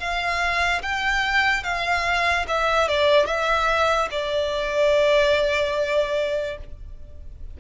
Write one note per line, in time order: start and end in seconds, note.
0.00 0.82 F5
0.83 1.64 G5
1.64 2.46 F5
2.48 2.89 E5
2.89 3.27 D5
3.27 4.09 E5
4.11 6.58 D5